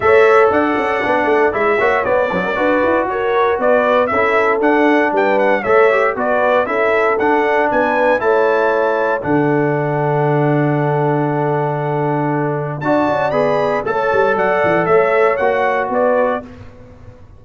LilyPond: <<
  \new Staff \with { instrumentName = "trumpet" } { \time 4/4 \tempo 4 = 117 e''4 fis''2 e''4 | d''2 cis''4 d''4 | e''4 fis''4 g''8 fis''8 e''4 | d''4 e''4 fis''4 gis''4 |
a''2 fis''2~ | fis''1~ | fis''4 a''4 b''4 a''4 | fis''4 e''4 fis''4 d''4 | }
  \new Staff \with { instrumentName = "horn" } { \time 4/4 cis''4 d''2~ d''8 cis''8~ | cis''8 b'16 ais'16 b'4 ais'4 b'4 | a'2 b'4 cis''4 | b'4 a'2 b'4 |
cis''2 a'2~ | a'1~ | a'4 d''2 cis''4 | d''4 cis''2 b'4 | }
  \new Staff \with { instrumentName = "trombone" } { \time 4/4 a'2 d'4 e'8 fis'8 | b8 fis8 fis'2. | e'4 d'2 a'8 g'8 | fis'4 e'4 d'2 |
e'2 d'2~ | d'1~ | d'4 fis'4 gis'4 a'4~ | a'2 fis'2 | }
  \new Staff \with { instrumentName = "tuba" } { \time 4/4 a4 d'8 cis'8 b8 a8 gis8 ais8 | b8 cis'8 d'8 e'8 fis'4 b4 | cis'4 d'4 g4 a4 | b4 cis'4 d'4 b4 |
a2 d2~ | d1~ | d4 d'8 cis'8 b4 a8 g8 | fis8 e8 a4 ais4 b4 | }
>>